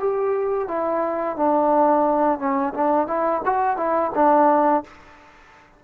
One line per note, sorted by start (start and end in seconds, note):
0.00 0.68 G4
0.68 1.37 E4
1.37 2.39 D4
2.39 2.74 C#4
2.74 3.07 D4
3.07 3.42 E4
3.45 3.77 F#4
3.77 4.11 E4
4.15 4.84 D4